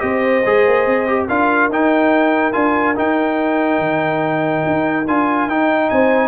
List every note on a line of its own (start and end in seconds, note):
0.00 0.44 C4
0.00 0.43 G4
0.00 1.27 C5
0.00 1.26 D#5
0.46 0.67 G#3
0.46 1.08 G#4
0.67 0.87 A#3
0.87 1.28 C4
1.08 1.29 G4
1.27 1.69 D4
1.27 1.71 F4
1.27 5.88 A#4
1.27 1.70 F5
1.69 2.53 D#4
1.69 2.53 G5
2.53 2.97 D4
2.53 2.95 F4
2.53 2.95 G#5
2.96 5.05 D#4
2.96 3.79 D#4
2.96 5.08 G5
3.79 4.63 D#3
4.67 5.08 D#4
5.08 5.47 D4
5.08 5.50 F4
5.08 5.50 G#5
5.47 5.89 D#4
5.47 6.29 D#4
5.47 5.90 G5
5.90 6.29 C4
5.90 6.29 C5
5.90 6.29 G#5